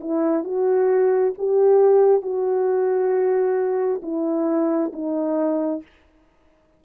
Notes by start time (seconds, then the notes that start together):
0.00 E4
0.44 F#4
1.38 G4
2.21 F#4
4.02 E4
4.93 D#4